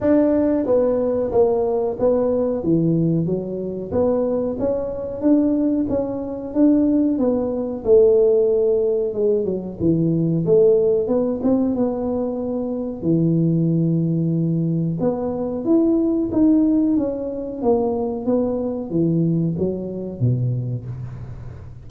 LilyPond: \new Staff \with { instrumentName = "tuba" } { \time 4/4 \tempo 4 = 92 d'4 b4 ais4 b4 | e4 fis4 b4 cis'4 | d'4 cis'4 d'4 b4 | a2 gis8 fis8 e4 |
a4 b8 c'8 b2 | e2. b4 | e'4 dis'4 cis'4 ais4 | b4 e4 fis4 b,4 | }